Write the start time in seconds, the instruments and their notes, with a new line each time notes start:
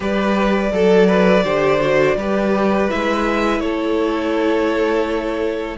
0.00 cello G3, viola G4, violin B4 D5
0.72 cello F#3, viola A4, violin A4
1.07 violin B4
1.43 cello D3, viola G4, violin C5
1.80 viola F#4
2.16 cello G3, viola G4, violin B4
2.88 cello G#3, viola E4, violin E5
3.59 cello A3, violin A4 C#5